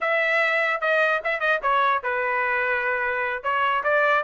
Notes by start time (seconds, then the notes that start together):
0.01 E5
0.81 D#5
1.24 E5
1.40 D#5
1.62 C#5
2.03 B4
3.43 C#5
3.83 D5